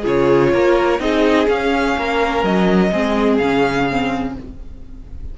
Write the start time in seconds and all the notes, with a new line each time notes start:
0.00 C#3 F4 G#4
0.06 C#5
0.53 A#3 A#4
0.99 C4 D#4 G#4 D#5
1.46 C#4 F5
1.97 A#3 A#4
2.43 F#3 D#5
2.91 G#3 C4 G#4
3.37 C#3 C#4 F5
3.90 C4